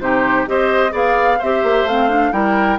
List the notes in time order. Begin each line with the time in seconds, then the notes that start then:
0.00 C3 D#4 G4 C5
0.46 C4 G4 C5 D#5
0.91 B3 G#4 D5 F5
1.39 C4 G4 C5 E5
1.63 A#3
1.84 A3 C4 F5
2.09 D4
2.32 G3 E4 A#4 G5